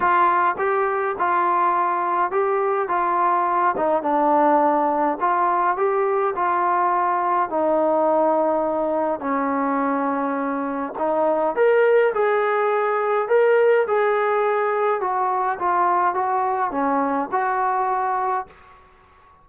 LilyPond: \new Staff \with { instrumentName = "trombone" } { \time 4/4 \tempo 4 = 104 f'4 g'4 f'2 | g'4 f'4. dis'8 d'4~ | d'4 f'4 g'4 f'4~ | f'4 dis'2. |
cis'2. dis'4 | ais'4 gis'2 ais'4 | gis'2 fis'4 f'4 | fis'4 cis'4 fis'2 | }